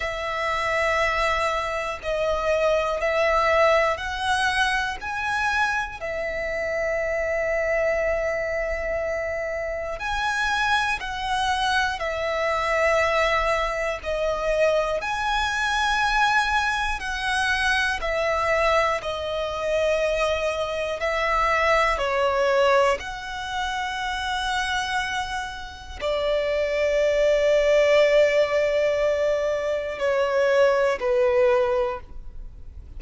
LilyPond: \new Staff \with { instrumentName = "violin" } { \time 4/4 \tempo 4 = 60 e''2 dis''4 e''4 | fis''4 gis''4 e''2~ | e''2 gis''4 fis''4 | e''2 dis''4 gis''4~ |
gis''4 fis''4 e''4 dis''4~ | dis''4 e''4 cis''4 fis''4~ | fis''2 d''2~ | d''2 cis''4 b'4 | }